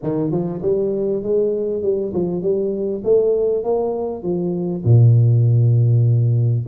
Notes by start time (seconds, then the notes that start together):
0.02 D#3
0.31 F3
0.62 G3
1.23 G#3
1.82 G3
2.13 F3
2.42 G3
3.03 A3
3.63 A#3
4.23 F3
4.84 A#2